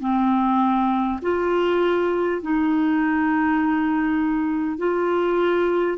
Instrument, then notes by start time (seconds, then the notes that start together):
clarinet
0.00 C4
1.22 F4
2.42 D#4
4.78 F4